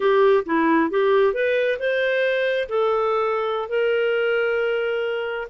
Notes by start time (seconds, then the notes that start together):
0.00 G4
0.45 E4
0.90 G4
1.33 B4
1.79 C5
2.68 A4
3.68 A#4